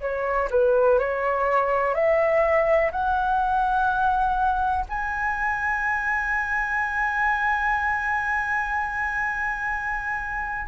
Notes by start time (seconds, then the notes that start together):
0.00 C#5
0.50 B4
0.99 C#5
1.94 E5
2.91 F#5
4.89 G#5